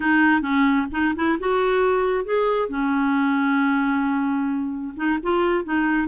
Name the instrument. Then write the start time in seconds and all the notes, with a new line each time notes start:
clarinet
0.00 D#4
0.41 C#4
0.91 D#4
1.15 E4
1.39 F#4
2.25 G#4
2.68 C#4
4.96 D#4
5.22 F4
5.64 D#4